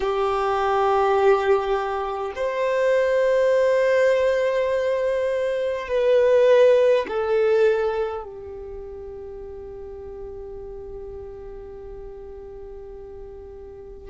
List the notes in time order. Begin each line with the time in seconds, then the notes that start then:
0.00 G4
2.35 C5
5.88 B4
7.07 A4
8.23 G4